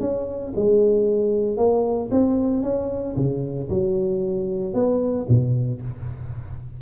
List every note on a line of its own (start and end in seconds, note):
0.00 0.53 C#4
0.56 1.57 G#3
1.57 2.09 A#3
2.11 2.63 C4
2.63 3.15 C#4
3.16 3.68 C#3
3.69 4.73 F#3
4.73 5.26 B3
5.28 5.81 B2